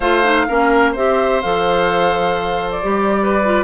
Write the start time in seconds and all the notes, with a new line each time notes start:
0.00 A3 F4 C5 F5
0.24 D#4
0.47 A#3 C#4 A#4
0.92 C4 G4 C5 E5
1.41 F3 A4 F5
2.71 D5
2.82 G3 G4
3.22 B4
3.44 F4